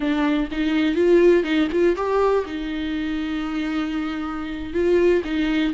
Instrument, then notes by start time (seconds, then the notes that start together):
viola
0.00 D4
0.51 D#4
0.95 F4
1.43 D#4
1.72 F4
1.96 G4
2.45 D#4
4.73 F4
5.24 D#4